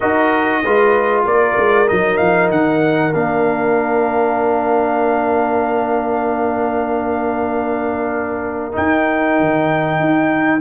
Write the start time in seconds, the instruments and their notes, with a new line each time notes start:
0.00 tuba D#4, trombone F#4, horn A#4, trumpet D#5
0.62 tuba G#3, trombone F4, horn B4
1.25 tuba A#3, horn A#4, trumpet D5
1.57 tuba G#3
1.87 tuba F#3, trombone D#4, trumpet D#5
2.17 tuba F3, trumpet F5
2.51 tuba D#3, trumpet F#5
3.13 tuba A#3, trombone D4, trumpet F5
8.72 trombone D#4, tuba D#4, trumpet G5
9.39 tuba D#3
9.99 tuba D#4